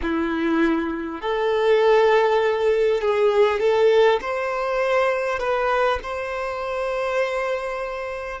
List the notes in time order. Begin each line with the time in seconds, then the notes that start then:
0.02 E4
1.21 A4
3.01 G#4
3.59 A4
4.21 C5
5.39 B4
6.03 C5